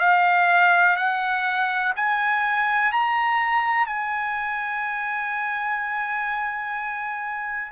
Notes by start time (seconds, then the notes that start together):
0.00 F5
0.97 F#5
1.97 G#5
2.93 A#5
3.87 G#5